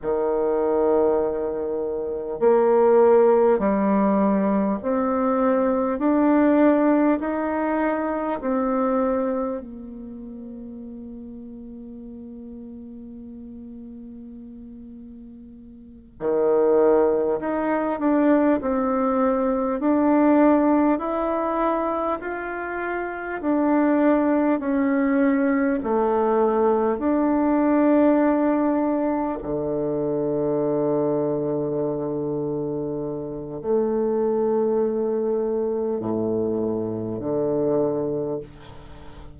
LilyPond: \new Staff \with { instrumentName = "bassoon" } { \time 4/4 \tempo 4 = 50 dis2 ais4 g4 | c'4 d'4 dis'4 c'4 | ais1~ | ais4. dis4 dis'8 d'8 c'8~ |
c'8 d'4 e'4 f'4 d'8~ | d'8 cis'4 a4 d'4.~ | d'8 d2.~ d8 | a2 a,4 d4 | }